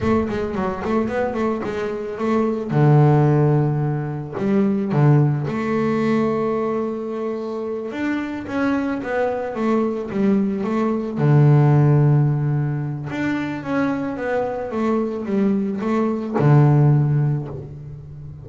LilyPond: \new Staff \with { instrumentName = "double bass" } { \time 4/4 \tempo 4 = 110 a8 gis8 fis8 a8 b8 a8 gis4 | a4 d2. | g4 d4 a2~ | a2~ a8 d'4 cis'8~ |
cis'8 b4 a4 g4 a8~ | a8 d2.~ d8 | d'4 cis'4 b4 a4 | g4 a4 d2 | }